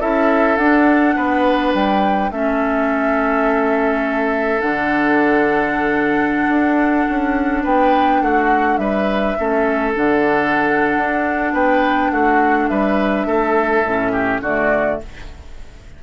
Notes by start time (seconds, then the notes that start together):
0.00 C#4 E4 A4 E5
0.57 D4 F#5
1.15 B3 B4
1.74 G3 G5
2.31 A3 C#4 A4 E5
4.61 D3 D4 F#5
6.48 D4
7.08 C#4
7.63 B3 B4 G5
8.21 A3 F#4 F#5
8.77 G3 B4 E5
9.37 A3 C#4 A4
9.94 D3 D4 F#5
10.97 D4
11.53 B3 B4 G5
12.11 A3 F#4 F#5
12.68 G3 B4 E5
13.26 A3 A4
13.83 A2 C#4
14.12 G4
14.41 D3 A3 F#4 D5